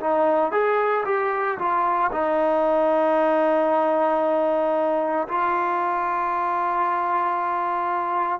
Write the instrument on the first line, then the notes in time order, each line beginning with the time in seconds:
trombone
0.00 D#4
0.51 G#4
1.05 G4
1.58 F4
2.11 D#4
5.27 F4